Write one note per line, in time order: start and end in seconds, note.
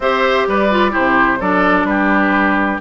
0.00 0.45 C4
0.00 0.71 G4
0.00 0.48 C5
0.00 0.47 E5
0.47 0.94 G3
0.47 0.91 B4
0.47 0.94 D5
0.71 0.90 F4
0.90 1.37 E4
0.90 1.38 G4
0.90 1.41 C5
0.97 1.40 C3
1.39 1.84 F#3
1.39 2.80 D4
1.39 1.86 A4
1.39 1.85 D5
1.84 2.78 G3
1.84 2.80 G4
1.84 2.79 B4